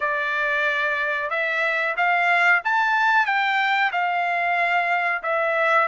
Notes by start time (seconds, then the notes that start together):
0.00 D5
1.30 E5
1.97 F5
2.64 A5
3.25 G5
3.91 F5
5.23 E5